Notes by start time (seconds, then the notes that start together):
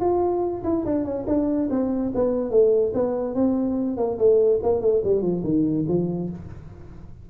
0.00 F4
0.64 E4
0.85 D4
1.05 C#4
1.27 D4
1.70 C4
2.14 B3
2.50 A3
2.94 B3
3.34 C4
3.97 A#3
4.18 A3
4.62 A#3
4.81 A3
5.04 G3
5.21 F3
5.44 D#3
5.88 F3